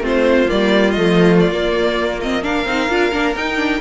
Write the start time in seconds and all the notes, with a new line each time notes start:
0.00 A3 C4 F4
0.06 C5
0.47 G3 A#3 D5
0.91 A3 D#5
0.97 F3
1.40 D5
1.51 A#3
2.20 C4 D#5
2.42 D4 A#4 F5
2.65 C4 D#4
2.89 D4 F4
3.12 A#3 D4
3.35 D#4 G5
3.57 D4